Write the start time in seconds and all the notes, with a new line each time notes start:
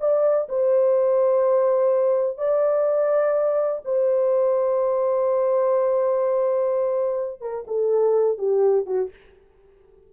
0.00 D5
0.48 C5
2.37 D5
3.85 C5
7.41 A#4
7.67 A4
8.38 G4
8.86 F#4